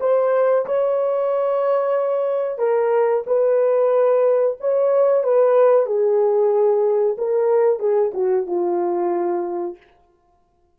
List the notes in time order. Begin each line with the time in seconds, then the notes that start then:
0.00 C5
0.66 C#5
2.58 A#4
3.26 B4
4.60 C#5
5.23 B4
5.86 G#4
7.17 A#4
7.79 G#4
8.13 F#4
8.46 F4